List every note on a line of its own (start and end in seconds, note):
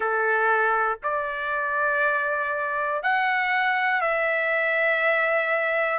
0.00 0.98 A4
1.03 3.02 D5
3.02 4.00 F#5
4.00 5.99 E5